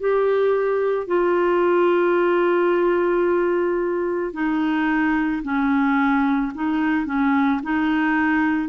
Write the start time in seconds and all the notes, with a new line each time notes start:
0.00 G4
1.07 F4
4.33 D#4
5.43 C#4
6.55 D#4
7.06 C#4
7.63 D#4